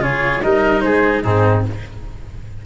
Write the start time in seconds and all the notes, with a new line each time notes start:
0.00 C#3 F4 G#4 C#5
0.42 G3 D#4 A#4 D#5
0.81 G#3 G#4 C5
1.22 G#2 C4 D#4 G#4